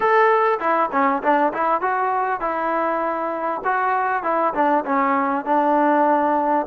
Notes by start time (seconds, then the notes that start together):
0.00 A4
0.59 E4
0.92 C#4
1.22 D4
1.53 E4
1.81 F#4
2.40 E4
3.64 F#4
4.23 E4
4.54 D4
4.85 C#4
5.45 D4